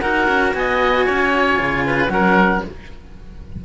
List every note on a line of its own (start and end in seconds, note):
0.00 0.27 D#4
0.00 1.56 F#4
0.00 0.54 A#4
0.00 0.52 F#5
0.27 0.53 C#4
0.53 1.06 B3
0.53 1.06 D#5
0.53 2.09 G#5
1.06 1.59 C#4
1.06 1.84 C#5
1.56 2.08 C#3
1.56 2.08 F4
1.86 2.12 B4
2.08 2.61 F#3
2.08 2.61 C#4
2.08 2.65 A#4
2.08 2.61 F#5